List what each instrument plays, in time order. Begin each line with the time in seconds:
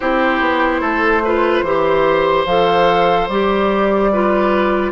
0.00 bassoon C4, clarinet E4, oboe G4, flute C5
0.40 bassoon B3
0.80 bassoon A3, oboe A4
1.24 clarinet F4, oboe B4
1.62 bassoon E3, clarinet G4, oboe C5
2.46 bassoon F3, clarinet A4, flute F5
3.28 bassoon G3, clarinet G4, flute D5
4.12 clarinet F4, oboe B4